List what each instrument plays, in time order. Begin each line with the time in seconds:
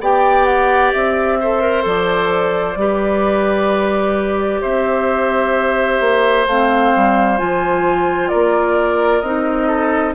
0.00 bassoon B3, clarinet G4, oboe D5, flute G5
0.45 flute F#5
0.92 bassoon C4, flute E5
1.40 clarinet A4, oboe C5
1.61 clarinet A#4
1.82 bassoon F3, clarinet A4, flute D5
2.76 bassoon G3, clarinet G4, oboe B4
4.61 bassoon C4, oboe C5, flute E5
6.00 bassoon A#3
6.46 bassoon A3, clarinet C4, flute F5
6.96 bassoon G3
7.37 bassoon F3, clarinet F4, flute G#5
8.28 bassoon A#3, oboe A#4, flute D5
9.20 bassoon C4, clarinet D#4, flute D#5
9.67 oboe A4